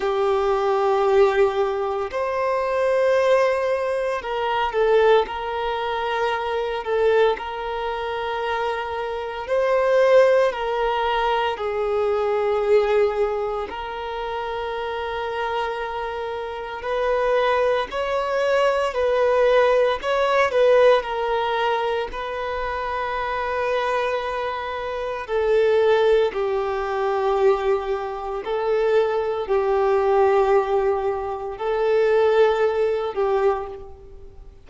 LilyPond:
\new Staff \with { instrumentName = "violin" } { \time 4/4 \tempo 4 = 57 g'2 c''2 | ais'8 a'8 ais'4. a'8 ais'4~ | ais'4 c''4 ais'4 gis'4~ | gis'4 ais'2. |
b'4 cis''4 b'4 cis''8 b'8 | ais'4 b'2. | a'4 g'2 a'4 | g'2 a'4. g'8 | }